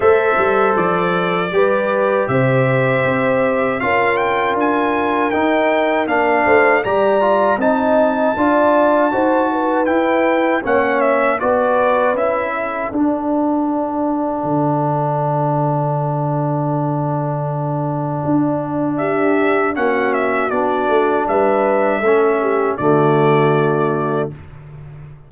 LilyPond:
<<
  \new Staff \with { instrumentName = "trumpet" } { \time 4/4 \tempo 4 = 79 e''4 d''2 e''4~ | e''4 f''8 g''8 gis''4 g''4 | f''4 ais''4 a''2~ | a''4 g''4 fis''8 e''8 d''4 |
e''4 fis''2.~ | fis''1~ | fis''4 e''4 fis''8 e''8 d''4 | e''2 d''2 | }
  \new Staff \with { instrumentName = "horn" } { \time 4/4 c''2 b'4 c''4~ | c''4 ais'2.~ | ais'8 c''8 d''4 dis''4 d''4 | c''8 b'4. cis''4 b'4~ |
b'8 a'2.~ a'8~ | a'1~ | a'4 g'4 fis'2 | b'4 a'8 g'8 fis'2 | }
  \new Staff \with { instrumentName = "trombone" } { \time 4/4 a'2 g'2~ | g'4 f'2 dis'4 | d'4 g'8 f'8 dis'4 f'4 | fis'4 e'4 cis'4 fis'4 |
e'4 d'2.~ | d'1~ | d'2 cis'4 d'4~ | d'4 cis'4 a2 | }
  \new Staff \with { instrumentName = "tuba" } { \time 4/4 a8 g8 f4 g4 c4 | c'4 cis'4 d'4 dis'4 | ais8 a8 g4 c'4 d'4 | dis'4 e'4 ais4 b4 |
cis'4 d'2 d4~ | d1 | d'2 ais4 b8 a8 | g4 a4 d2 | }
>>